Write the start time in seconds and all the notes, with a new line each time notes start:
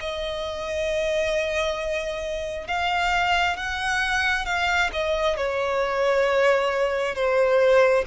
0.00 D#5
2.67 F5
3.57 F#5
4.45 F5
4.92 D#5
5.36 C#5
7.15 C5